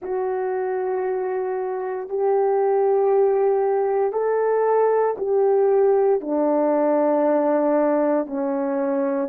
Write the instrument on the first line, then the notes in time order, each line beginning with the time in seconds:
horn
0.02 F#4
2.08 G4
4.12 A4
5.17 G4
6.20 D4
8.26 C#4